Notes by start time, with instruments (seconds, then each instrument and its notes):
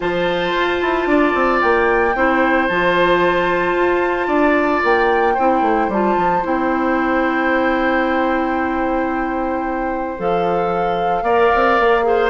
0.00 bassoon F3, clarinet F4, oboe C5, flute A5
0.54 bassoon F4
0.81 bassoon E4
1.06 bassoon D4, oboe D5
1.34 bassoon C4
1.60 bassoon A#3, flute G5
2.15 bassoon C4, clarinet E4, oboe C5
2.68 bassoon F3, clarinet F4, flute A5
3.75 bassoon F4
4.27 bassoon D4, oboe D5
4.83 bassoon A#3, flute G5
5.34 bassoon C4, clarinet E4, oboe C5
5.61 bassoon A3
5.88 bassoon G3, clarinet F4, flute A5
6.17 bassoon F3
6.42 bassoon C4, clarinet E4, flute G5
10.18 bassoon F3, clarinet A4, flute F5
11.22 bassoon A#3, clarinet A#4, oboe D5
11.54 bassoon C4
11.79 bassoon A#3
12.02 clarinet G#4, oboe C5